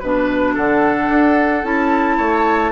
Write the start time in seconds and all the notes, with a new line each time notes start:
0.00 B2 D4 B4
0.54 D3 A4 F#5
1.09 D4
1.64 C#4 E4 A5
2.17 A3 C#5